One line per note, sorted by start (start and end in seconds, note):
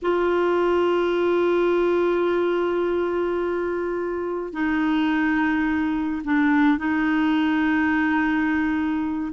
0.02 4.52 F4
4.52 6.22 D#4
6.24 6.78 D4
6.78 9.32 D#4